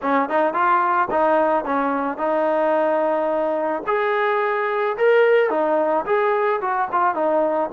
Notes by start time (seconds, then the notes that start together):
0.02 C#4
0.29 D#4
0.53 F4
1.11 D#4
1.65 C#4
2.17 D#4
3.86 G#4
4.97 A#4
5.50 D#4
6.05 G#4
6.61 F#4
6.92 F4
7.14 D#4